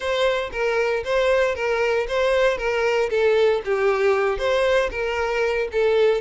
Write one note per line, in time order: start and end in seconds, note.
0.00 0.50 C5
0.51 1.03 A#4
1.04 1.55 C5
1.55 2.06 A#4
2.08 2.57 C5
2.57 3.09 A#4
3.09 3.61 A4
3.64 4.38 G4
4.38 4.89 C5
4.90 5.68 A#4
5.72 6.21 A4